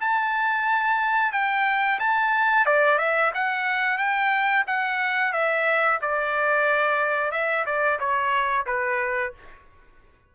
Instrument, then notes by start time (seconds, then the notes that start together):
trumpet
0.00 A5
1.32 G5
1.99 A5
2.66 D5
2.98 E5
3.34 F#5
3.98 G5
4.67 F#5
5.33 E5
6.01 D5
7.32 E5
7.66 D5
7.99 C#5
8.66 B4